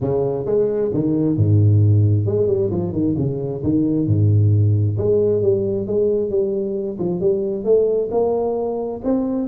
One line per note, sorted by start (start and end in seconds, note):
0.00 0.45 C#3
0.45 0.90 G#3
0.93 1.37 D#3
1.37 2.26 G#2
2.26 2.47 G#3
2.47 2.69 G3
2.70 2.92 F3
2.92 3.15 D#3
3.17 3.63 C#3
3.63 4.07 D#3
4.07 4.97 G#2
4.97 5.42 G#3
5.42 5.86 G3
5.86 6.30 G#3
6.30 6.97 G3
6.99 7.20 F3
7.20 7.64 G3
7.64 8.09 A3
8.11 9.01 A#3
9.04 9.48 C4